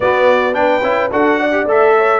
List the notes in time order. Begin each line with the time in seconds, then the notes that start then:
0.00 B3 F#4 D5
0.53 D4 B4 G5
0.82 C#4 E4
1.11 D4 F#4 A4 F#5
1.38 D5
1.51 G4
1.66 A3 A4 E5
1.97 C#5